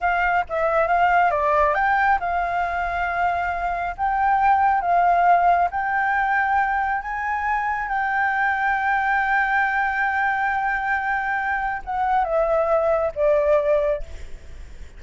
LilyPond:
\new Staff \with { instrumentName = "flute" } { \time 4/4 \tempo 4 = 137 f''4 e''4 f''4 d''4 | g''4 f''2.~ | f''4 g''2 f''4~ | f''4 g''2. |
gis''2 g''2~ | g''1~ | g''2. fis''4 | e''2 d''2 | }